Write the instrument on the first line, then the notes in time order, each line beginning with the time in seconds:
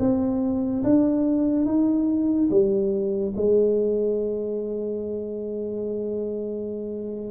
tuba
0.00 C4
0.84 D4
1.66 D#4
2.51 G3
3.37 G#3